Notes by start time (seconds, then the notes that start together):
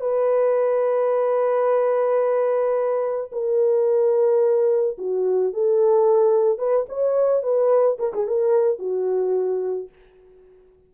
0.00 B4
3.32 A#4
4.98 F#4
5.53 A4
6.58 B4
6.89 C#5
7.42 B4
7.99 A#4
8.13 G#4
8.27 A#4
8.79 F#4